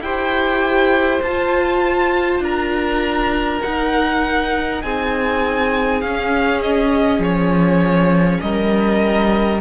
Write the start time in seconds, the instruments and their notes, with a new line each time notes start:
0.00 cello E4, viola G4, violin C5 G5
1.22 cello F4, viola F4, violin A5
2.40 cello D4, violin A#4 A#5
3.62 viola D#4, cello D#4, violin F#5
4.82 cello C4, violin G#4 G#5
6.01 viola C#4, cello C#4, violin F5
6.62 violin D#5
7.19 cello F3, violin C#5
8.41 cello G3, violin A#4 D#5